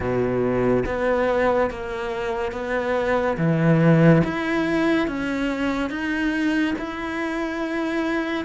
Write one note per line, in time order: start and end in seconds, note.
0.00 0.83 B2
0.85 1.70 B3
1.70 2.52 A#3
2.52 3.36 B3
3.37 4.22 E3
4.23 5.07 E4
5.07 5.90 C#4
5.90 6.74 D#4
6.78 8.44 E4